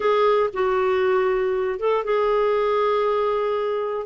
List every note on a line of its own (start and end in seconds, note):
0.00 0.50 G#4
0.53 1.79 F#4
1.79 2.04 A4
2.04 4.06 G#4